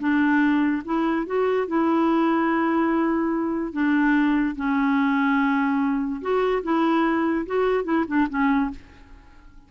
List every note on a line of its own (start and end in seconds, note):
0.00 0.83 D4
0.85 1.27 E4
1.27 1.68 F#4
1.68 3.73 E4
3.73 4.56 D4
4.56 6.22 C#4
6.22 6.63 F#4
6.64 7.46 E4
7.47 7.85 F#4
7.85 8.05 E4
8.08 8.28 D4
8.30 8.71 C#4